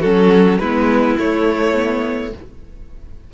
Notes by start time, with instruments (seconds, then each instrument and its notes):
0.00 cello F#3, viola C#4, violin F#4 A4
0.58 cello G#3, viola B3, violin E4 B4
1.19 cello A3, viola A3, violin C#5
1.74 viola B3